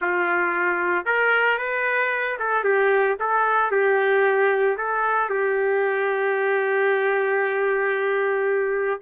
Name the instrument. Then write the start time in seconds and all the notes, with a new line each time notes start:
trumpet
0.01 F4
1.05 A#4
1.58 B4
2.39 A4
2.64 G4
3.19 A4
3.71 G4
4.77 A4
5.29 G4